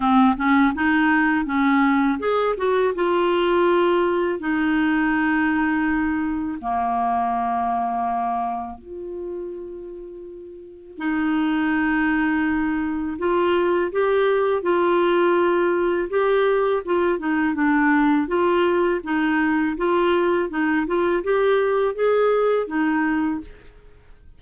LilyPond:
\new Staff \with { instrumentName = "clarinet" } { \time 4/4 \tempo 4 = 82 c'8 cis'8 dis'4 cis'4 gis'8 fis'8 | f'2 dis'2~ | dis'4 ais2. | f'2. dis'4~ |
dis'2 f'4 g'4 | f'2 g'4 f'8 dis'8 | d'4 f'4 dis'4 f'4 | dis'8 f'8 g'4 gis'4 dis'4 | }